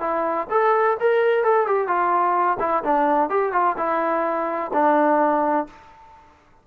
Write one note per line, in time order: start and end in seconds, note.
0.00 0.47 E4
0.50 0.97 A4
1.00 1.44 A#4
1.44 1.67 A4
1.67 1.87 G4
1.87 2.58 F4
2.60 2.83 E4
2.83 3.29 D4
3.29 3.52 G4
3.52 3.76 F4
3.77 4.71 E4
4.73 5.67 D4